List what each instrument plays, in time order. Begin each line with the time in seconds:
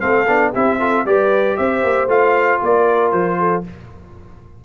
0.00 tuba A3, trombone C4, horn A4, trumpet F5
0.28 tuba B3, trombone D4
0.52 tuba C4, trombone E4, horn G4, trumpet E5
0.79 trombone F4, horn A4
1.05 tuba G3, trombone G4, horn B4, trumpet D5
1.57 tuba C4, horn C5, trumpet E5
1.83 tuba A#3
2.07 tuba A3, trombone F4, trumpet F5
2.62 tuba A#3, horn A#4, trumpet D5
3.11 tuba F3, trumpet C5
3.39 horn A4